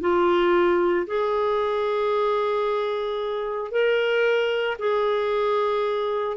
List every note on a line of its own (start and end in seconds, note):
0.00 1.06 F4
1.06 3.71 G#4
3.71 4.77 A#4
4.78 6.36 G#4